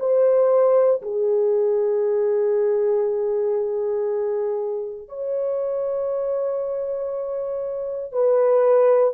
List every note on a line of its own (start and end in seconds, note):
0.00 1.02 C5
1.02 5.09 G#4
5.09 8.13 C#5
8.13 9.15 B4